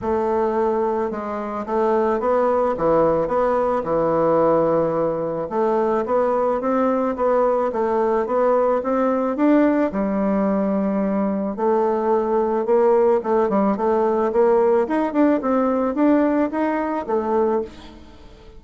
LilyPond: \new Staff \with { instrumentName = "bassoon" } { \time 4/4 \tempo 4 = 109 a2 gis4 a4 | b4 e4 b4 e4~ | e2 a4 b4 | c'4 b4 a4 b4 |
c'4 d'4 g2~ | g4 a2 ais4 | a8 g8 a4 ais4 dis'8 d'8 | c'4 d'4 dis'4 a4 | }